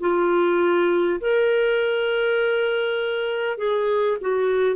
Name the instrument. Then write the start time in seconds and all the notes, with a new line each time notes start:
clarinet
0.00 F4
1.21 A#4
3.57 G#4
4.21 F#4